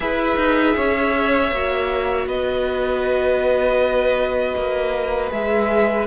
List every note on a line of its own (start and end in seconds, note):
0.00 0.36 E4
0.00 1.52 G#4
0.00 0.76 B4
0.00 2.27 E5
0.36 0.74 D#4
0.76 1.51 C#4
0.76 2.27 C#5
1.51 2.26 A#3
1.51 5.29 F#4
2.26 4.54 B3
2.26 6.06 B4
2.26 5.32 D#5
4.56 5.31 A#3
5.29 6.06 G#3
5.29 6.05 G#4
5.29 6.06 E5